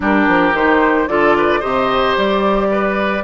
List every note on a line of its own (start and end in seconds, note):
0.00 0.27 G3
0.00 0.53 D4
0.00 1.09 G4
0.00 0.55 A#4
0.27 0.53 F3
0.53 1.07 D#3
0.53 1.08 D#4
0.53 1.07 C5
1.07 1.61 D3
1.07 1.61 F4
1.07 1.37 A4
1.07 1.61 D5
1.37 1.59 B4
1.59 2.17 C3
1.59 3.23 G4
1.59 2.68 C5
1.59 2.15 D#5
2.17 3.23 G3
2.17 3.23 D5
2.71 3.23 B4